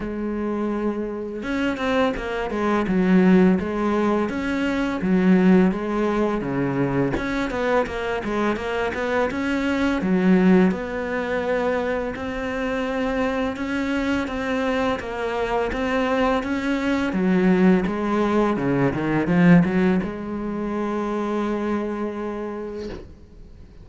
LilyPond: \new Staff \with { instrumentName = "cello" } { \time 4/4 \tempo 4 = 84 gis2 cis'8 c'8 ais8 gis8 | fis4 gis4 cis'4 fis4 | gis4 cis4 cis'8 b8 ais8 gis8 | ais8 b8 cis'4 fis4 b4~ |
b4 c'2 cis'4 | c'4 ais4 c'4 cis'4 | fis4 gis4 cis8 dis8 f8 fis8 | gis1 | }